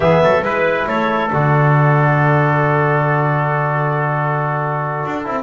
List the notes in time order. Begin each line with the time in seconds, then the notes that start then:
0.00 E3 B3 G#4 E5
0.23 F#3 A4
0.42 G#3 E4 B4
0.87 A3 A4 C#5
1.31 D3 F#4 D5
5.05 D4
5.24 C4 E4